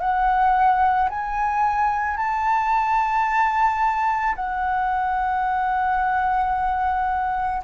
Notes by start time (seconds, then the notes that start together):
0.00 F#5
1.10 G#5
2.17 A5
4.35 F#5